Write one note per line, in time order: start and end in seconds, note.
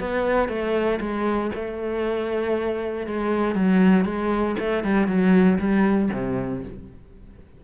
0.00 0.49 B3
0.49 0.99 A3
1.00 1.51 G#3
1.55 3.07 A3
3.07 3.55 G#3
3.55 4.05 F#3
4.05 4.56 G#3
4.59 4.84 A3
4.84 5.08 G3
5.08 5.58 F#3
5.59 6.09 G3
6.13 6.64 C3